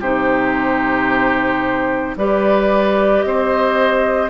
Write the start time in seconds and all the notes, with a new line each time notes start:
0.00 C3 D#4 G4 C5
2.16 G3 G4 B4 D5
3.22 C4 C5 D#5